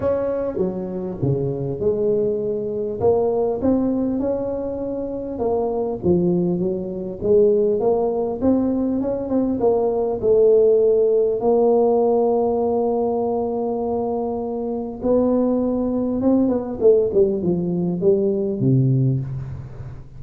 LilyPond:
\new Staff \with { instrumentName = "tuba" } { \time 4/4 \tempo 4 = 100 cis'4 fis4 cis4 gis4~ | gis4 ais4 c'4 cis'4~ | cis'4 ais4 f4 fis4 | gis4 ais4 c'4 cis'8 c'8 |
ais4 a2 ais4~ | ais1~ | ais4 b2 c'8 b8 | a8 g8 f4 g4 c4 | }